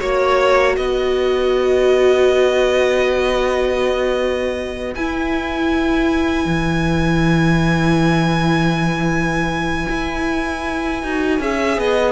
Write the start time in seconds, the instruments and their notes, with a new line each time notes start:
0.00 cello A#3, viola F#4, violin C#5
0.77 cello B3, violin B4 D#5
4.95 cello E4, viola E4, violin G#5
6.45 cello E3
9.89 cello E4
11.03 cello D#4, viola F#4
11.40 cello C#4, viola G#4, violin E5
11.78 cello B3, violin D#5